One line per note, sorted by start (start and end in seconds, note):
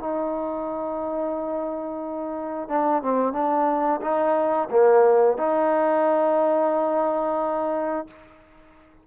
0.00 2.69 D#4
2.69 3.02 D4
3.02 3.33 C4
3.33 4.01 D4
4.02 4.69 D#4
4.71 5.38 A#3
5.38 8.07 D#4